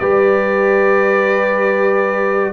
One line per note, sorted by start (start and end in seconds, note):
0.00 2.53 G3
0.00 2.53 G4
0.00 2.53 B4
0.00 2.53 D5